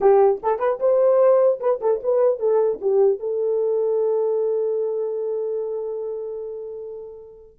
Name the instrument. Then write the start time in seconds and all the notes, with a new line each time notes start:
horn
0.00 G4
0.42 A4
0.59 B4
0.79 C5
1.60 B4
1.80 A4
2.03 B4
2.39 A4
2.81 G4
3.19 A4